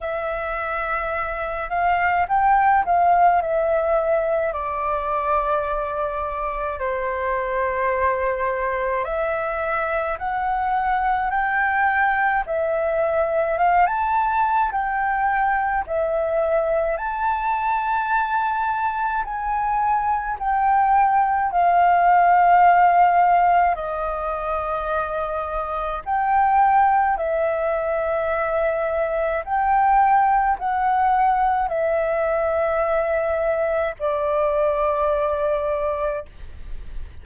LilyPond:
\new Staff \with { instrumentName = "flute" } { \time 4/4 \tempo 4 = 53 e''4. f''8 g''8 f''8 e''4 | d''2 c''2 | e''4 fis''4 g''4 e''4 | f''16 a''8. g''4 e''4 a''4~ |
a''4 gis''4 g''4 f''4~ | f''4 dis''2 g''4 | e''2 g''4 fis''4 | e''2 d''2 | }